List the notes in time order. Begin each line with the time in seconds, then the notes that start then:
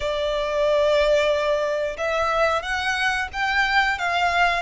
0.00 D5
1.98 E5
2.62 F#5
3.32 G5
3.98 F5